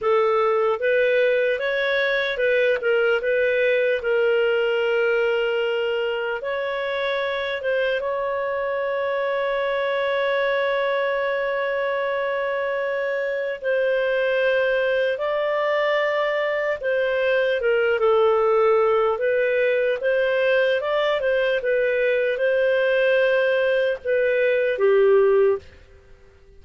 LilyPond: \new Staff \with { instrumentName = "clarinet" } { \time 4/4 \tempo 4 = 75 a'4 b'4 cis''4 b'8 ais'8 | b'4 ais'2. | cis''4. c''8 cis''2~ | cis''1~ |
cis''4 c''2 d''4~ | d''4 c''4 ais'8 a'4. | b'4 c''4 d''8 c''8 b'4 | c''2 b'4 g'4 | }